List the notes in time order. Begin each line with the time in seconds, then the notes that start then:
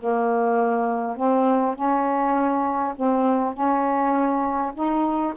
0.00 A#3
1.17 C4
1.76 C#4
2.96 C4
3.54 C#4
4.74 D#4